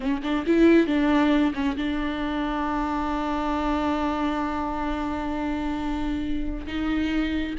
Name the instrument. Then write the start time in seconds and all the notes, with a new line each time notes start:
viola
0.00 C#4
0.22 D4
0.46 E4
0.87 D4
1.54 C#4
1.77 D4
6.66 D#4